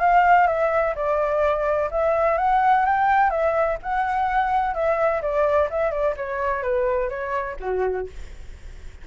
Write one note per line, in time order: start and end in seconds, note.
0.00 0.47 F5
0.47 0.94 E5
0.95 1.90 D5
1.91 2.38 E5
2.38 2.85 F#5
2.85 3.30 G5
3.30 3.77 E5
3.83 4.74 F#5
4.74 5.21 E5
5.22 5.69 D5
5.70 5.91 E5
5.91 6.14 D5
6.16 6.62 C#5
6.62 7.09 B4
7.09 7.57 C#5
7.60 8.07 F#4